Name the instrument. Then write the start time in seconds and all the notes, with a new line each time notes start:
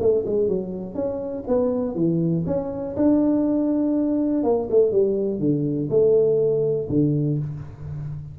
tuba
0.00 A3
0.26 G#3
0.49 F#3
0.95 C#4
1.48 B3
1.95 E3
2.46 C#4
2.96 D4
4.44 A#3
4.71 A3
4.92 G3
5.40 D3
5.90 A3
6.89 D3